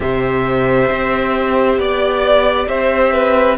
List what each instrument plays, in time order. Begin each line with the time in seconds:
0.00 cello C3, viola G4, violin C5 E5
0.91 cello C4
1.77 cello B3, violin D5
2.68 cello C4, violin C5 E5
3.12 violin B4